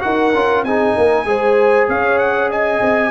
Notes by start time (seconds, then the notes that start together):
0.00 D#4 F#4 A#4 F#5
0.34 C#4 F4
0.63 C4 D#4 G#4 G#5
0.95 A#3 A#4
1.25 G#3 G#4 C5
1.88 C#4 C#5 F5
2.18 F#5
2.50 D#5 G#5
2.81 C4